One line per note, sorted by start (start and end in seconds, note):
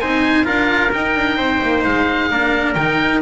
0.00 0.48 C4
0.00 0.44 D#4
0.00 0.46 C5
0.00 0.46 G#5
0.44 0.94 D4
0.44 0.90 F4
0.44 1.37 A#4
0.44 0.92 F5
0.93 2.31 D#4
0.93 1.16 D#4
0.93 1.84 G5
1.16 1.37 D4
1.37 1.60 C4
1.37 2.29 C5
1.62 1.85 A#3
1.84 2.31 G#3
1.84 2.74 F5
2.31 2.75 A#3
2.31 2.76 D4
2.31 3.22 A#4
2.74 3.21 D#3
2.74 3.22 D#4
2.74 3.20 G5